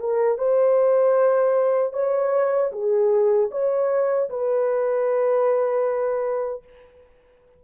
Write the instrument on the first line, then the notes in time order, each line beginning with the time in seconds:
horn
0.00 A#4
0.38 C5
1.94 C#5
2.72 G#4
3.52 C#5
4.30 B4